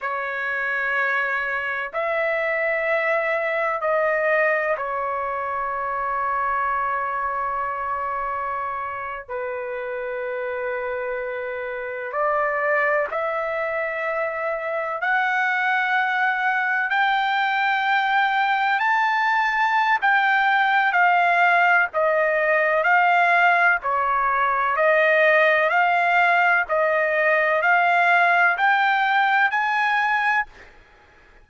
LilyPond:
\new Staff \with { instrumentName = "trumpet" } { \time 4/4 \tempo 4 = 63 cis''2 e''2 | dis''4 cis''2.~ | cis''4.~ cis''16 b'2~ b'16~ | b'8. d''4 e''2 fis''16~ |
fis''4.~ fis''16 g''2 a''16~ | a''4 g''4 f''4 dis''4 | f''4 cis''4 dis''4 f''4 | dis''4 f''4 g''4 gis''4 | }